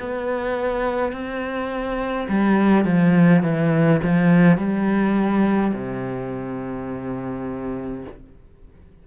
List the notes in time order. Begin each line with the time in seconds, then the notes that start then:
0.00 B3
1.13 C4
2.29 G3
2.85 F3
3.44 E3
4.03 F3
4.58 G3
5.74 C3